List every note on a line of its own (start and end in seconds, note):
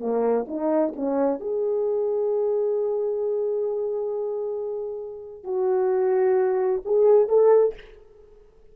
0.00 0.46 A#3
0.48 0.94 D#4
0.96 1.40 C#4
1.40 5.44 G#4
5.44 6.82 F#4
6.85 7.29 G#4
7.29 7.75 A4